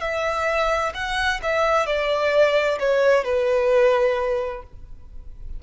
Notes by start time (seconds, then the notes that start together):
0.00 E5
0.94 F#5
1.42 E5
1.86 D5
2.79 C#5
3.24 B4